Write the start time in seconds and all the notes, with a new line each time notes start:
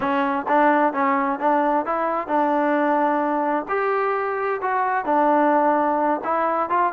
0.00 C#4
0.48 D4
0.93 C#4
1.39 D4
1.85 E4
2.27 D4
3.68 G4
4.61 F#4
5.05 D4
6.23 E4
6.69 F4